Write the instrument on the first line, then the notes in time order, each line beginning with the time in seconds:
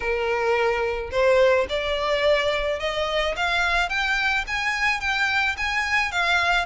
violin
0.00 A#4
1.11 C5
1.69 D5
2.79 D#5
3.36 F5
3.89 G5
4.47 G#5
5.00 G5
5.57 G#5
6.11 F5